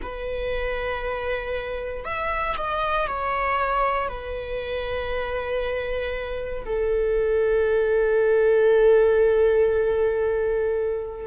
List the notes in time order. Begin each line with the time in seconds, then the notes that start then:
0.02 B4
2.04 E5
2.57 D#5
3.07 C#5
4.08 B4
6.65 A4